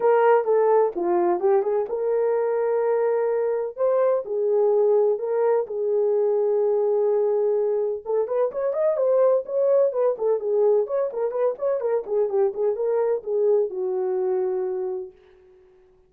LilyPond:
\new Staff \with { instrumentName = "horn" } { \time 4/4 \tempo 4 = 127 ais'4 a'4 f'4 g'8 gis'8 | ais'1 | c''4 gis'2 ais'4 | gis'1~ |
gis'4 a'8 b'8 cis''8 dis''8 c''4 | cis''4 b'8 a'8 gis'4 cis''8 ais'8 | b'8 cis''8 ais'8 gis'8 g'8 gis'8 ais'4 | gis'4 fis'2. | }